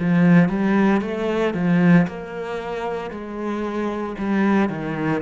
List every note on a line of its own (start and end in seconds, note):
0.00 0.49 F3
0.49 1.01 G3
1.01 1.54 A3
1.54 2.07 F3
2.07 3.11 A#3
3.11 4.16 G#3
4.19 4.69 G3
4.69 5.22 D#3